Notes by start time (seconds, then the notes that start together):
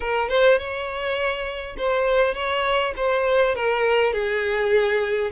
0.00 A#4
0.29 C5
0.58 C#5
1.77 C5
2.34 C#5
2.96 C5
3.55 A#4
4.13 G#4